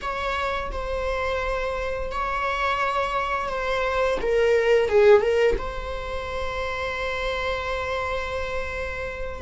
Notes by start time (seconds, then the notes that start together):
0.01 C#5
0.71 C5
2.11 C#5
3.49 C5
4.21 A#4
4.88 G#4
5.21 A#4
5.58 C5